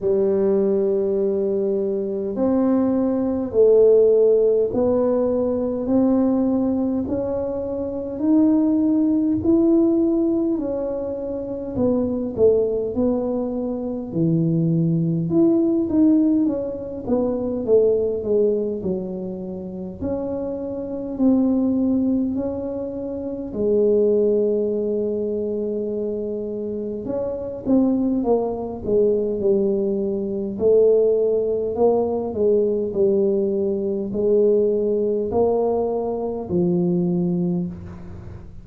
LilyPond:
\new Staff \with { instrumentName = "tuba" } { \time 4/4 \tempo 4 = 51 g2 c'4 a4 | b4 c'4 cis'4 dis'4 | e'4 cis'4 b8 a8 b4 | e4 e'8 dis'8 cis'8 b8 a8 gis8 |
fis4 cis'4 c'4 cis'4 | gis2. cis'8 c'8 | ais8 gis8 g4 a4 ais8 gis8 | g4 gis4 ais4 f4 | }